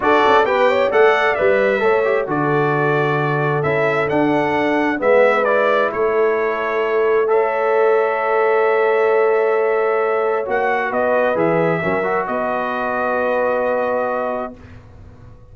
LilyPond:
<<
  \new Staff \with { instrumentName = "trumpet" } { \time 4/4 \tempo 4 = 132 d''4 g''4 fis''4 e''4~ | e''4 d''2. | e''4 fis''2 e''4 | d''4 cis''2. |
e''1~ | e''2. fis''4 | dis''4 e''2 dis''4~ | dis''1 | }
  \new Staff \with { instrumentName = "horn" } { \time 4/4 a'4 b'8 cis''8 d''2 | cis''4 a'2.~ | a'2. b'4~ | b'4 a'2. |
cis''1~ | cis''1 | b'2 ais'4 b'4~ | b'1 | }
  \new Staff \with { instrumentName = "trombone" } { \time 4/4 fis'4 g'4 a'4 b'4 | a'8 g'8 fis'2. | e'4 d'2 b4 | e'1 |
a'1~ | a'2. fis'4~ | fis'4 gis'4 cis'8 fis'4.~ | fis'1 | }
  \new Staff \with { instrumentName = "tuba" } { \time 4/4 d'8 cis'8 b4 a4 g4 | a4 d2. | cis'4 d'2 gis4~ | gis4 a2.~ |
a1~ | a2. ais4 | b4 e4 fis4 b4~ | b1 | }
>>